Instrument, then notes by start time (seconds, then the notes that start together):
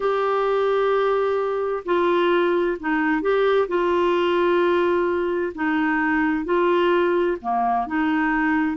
clarinet
0.00 G4
1.85 F4
2.79 D#4
3.21 G4
3.68 F4
5.54 D#4
6.44 F4
7.41 A#3
7.86 D#4